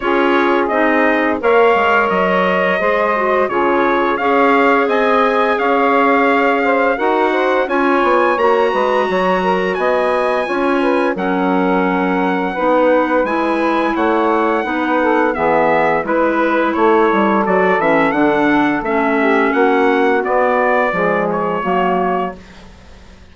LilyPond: <<
  \new Staff \with { instrumentName = "trumpet" } { \time 4/4 \tempo 4 = 86 cis''4 dis''4 f''4 dis''4~ | dis''4 cis''4 f''4 gis''4 | f''2 fis''4 gis''4 | ais''2 gis''2 |
fis''2. gis''4 | fis''2 e''4 b'4 | cis''4 d''8 e''8 fis''4 e''4 | fis''4 d''4. cis''4. | }
  \new Staff \with { instrumentName = "saxophone" } { \time 4/4 gis'2 cis''2 | c''4 gis'4 cis''4 dis''4 | cis''4. c''8 ais'8 c''8 cis''4~ | cis''8 b'8 cis''8 ais'8 dis''4 cis''8 b'8 |
ais'2 b'2 | cis''4 b'8 a'8 gis'4 b'4 | a'2.~ a'8 g'8 | fis'2 gis'4 fis'4 | }
  \new Staff \with { instrumentName = "clarinet" } { \time 4/4 f'4 dis'4 ais'2 | gis'8 fis'8 f'4 gis'2~ | gis'2 fis'4 f'4 | fis'2. f'4 |
cis'2 dis'4 e'4~ | e'4 dis'4 b4 e'4~ | e'4 fis'8 cis'8 d'4 cis'4~ | cis'4 b4 gis4 ais4 | }
  \new Staff \with { instrumentName = "bassoon" } { \time 4/4 cis'4 c'4 ais8 gis8 fis4 | gis4 cis4 cis'4 c'4 | cis'2 dis'4 cis'8 b8 | ais8 gis8 fis4 b4 cis'4 |
fis2 b4 gis4 | a4 b4 e4 gis4 | a8 g8 fis8 e8 d4 a4 | ais4 b4 f4 fis4 | }
>>